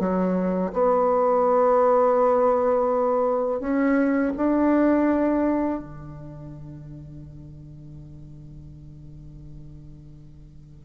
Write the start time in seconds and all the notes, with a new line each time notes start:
0.00 F#3
0.73 B3
3.60 C#4
4.37 D4
5.80 D3